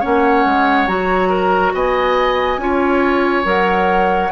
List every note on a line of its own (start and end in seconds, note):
0.00 0.45 A#3
0.00 0.87 C#4
0.00 1.29 C#5
0.00 0.87 F#5
0.45 0.87 G#3
0.87 1.73 F#3
0.87 2.59 F#4
0.87 1.73 A#5
1.29 1.72 A#4
1.74 2.57 B3
1.74 2.60 D#5
1.74 3.47 G#5
2.57 3.43 C#4
2.57 3.44 F4
2.57 4.32 C#5
3.44 4.31 F#3
3.44 4.30 A#4
3.44 4.32 F#5